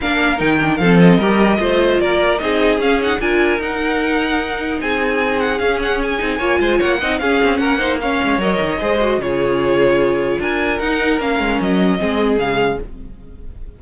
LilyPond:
<<
  \new Staff \with { instrumentName = "violin" } { \time 4/4 \tempo 4 = 150 f''4 g''4 f''8 dis''4.~ | dis''4 d''4 dis''4 f''8 fis''8 | gis''4 fis''2. | gis''4. fis''8 f''8 fis''8 gis''4~ |
gis''4 fis''4 f''4 fis''4 | f''4 dis''2 cis''4~ | cis''2 gis''4 fis''4 | f''4 dis''2 f''4 | }
  \new Staff \with { instrumentName = "violin" } { \time 4/4 ais'2 a'4 ais'4 | c''4 ais'4 gis'2 | ais'1 | gis'1 |
cis''8 c''8 cis''8 dis''8 gis'4 ais'8 c''8 | cis''2 c''4 gis'4~ | gis'2 ais'2~ | ais'2 gis'2 | }
  \new Staff \with { instrumentName = "viola" } { \time 4/4 d'4 dis'8 d'8 c'4 g'4 | f'2 dis'4 cis'8 dis'8 | f'4 dis'2.~ | dis'2 cis'4. dis'8 |
f'4. dis'8 cis'4. dis'8 | cis'4 ais'4 gis'8 fis'8 f'4~ | f'2. dis'4 | cis'2 c'4 gis4 | }
  \new Staff \with { instrumentName = "cello" } { \time 4/4 ais4 dis4 f4 g4 | a4 ais4 c'4 cis'4 | d'4 dis'2. | c'2 cis'4. c'8 |
ais8 gis8 ais8 c'8 cis'8 c'8 ais4~ | ais8 gis8 fis8 dis8 gis4 cis4~ | cis2 d'4 dis'4 | ais8 gis8 fis4 gis4 cis4 | }
>>